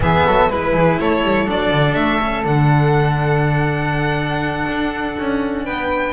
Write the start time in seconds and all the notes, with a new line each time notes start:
0.00 E3 B3 G#4 E5
0.26 F#3 A4
0.49 G#3 E4 B4
0.73 E3 G#4
0.99 A3 A4 C#5
1.23 G3
1.45 F#3 D4 D5
1.70 D3
1.94 A3 E5
2.20 C#4
2.44 D3 D4 F#5
4.67 D4
5.18 C#4
5.64 B3 B4 G5